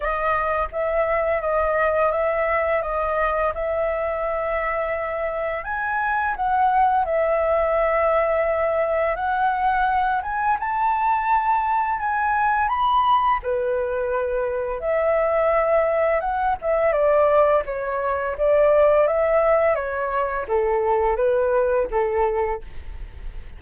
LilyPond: \new Staff \with { instrumentName = "flute" } { \time 4/4 \tempo 4 = 85 dis''4 e''4 dis''4 e''4 | dis''4 e''2. | gis''4 fis''4 e''2~ | e''4 fis''4. gis''8 a''4~ |
a''4 gis''4 b''4 b'4~ | b'4 e''2 fis''8 e''8 | d''4 cis''4 d''4 e''4 | cis''4 a'4 b'4 a'4 | }